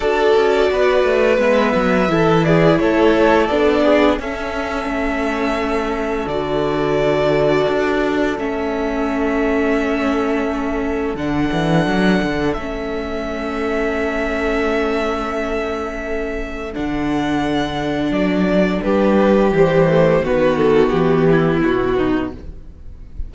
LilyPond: <<
  \new Staff \with { instrumentName = "violin" } { \time 4/4 \tempo 4 = 86 d''2 e''4. d''8 | cis''4 d''4 e''2~ | e''4 d''2. | e''1 |
fis''2 e''2~ | e''1 | fis''2 d''4 b'4 | c''4 b'8 a'8 g'4 fis'4 | }
  \new Staff \with { instrumentName = "violin" } { \time 4/4 a'4 b'2 a'8 gis'8 | a'4. gis'8 a'2~ | a'1~ | a'1~ |
a'1~ | a'1~ | a'2. g'4~ | g'4 fis'4. e'4 dis'8 | }
  \new Staff \with { instrumentName = "viola" } { \time 4/4 fis'2 b4 e'4~ | e'4 d'4 cis'2~ | cis'4 fis'2. | cis'1 |
d'2 cis'2~ | cis'1 | d'1 | g8 a8 b2. | }
  \new Staff \with { instrumentName = "cello" } { \time 4/4 d'8 cis'8 b8 a8 gis8 fis8 e4 | a4 b4 cis'4 a4~ | a4 d2 d'4 | a1 |
d8 e8 fis8 d8 a2~ | a1 | d2 fis4 g4 | e4 dis4 e4 b,4 | }
>>